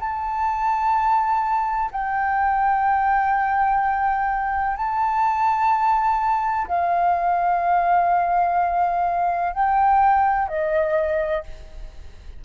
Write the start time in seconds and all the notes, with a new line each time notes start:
0.00 A5
1.91 G5
4.77 A5
6.68 F5
9.53 G5
10.48 D#5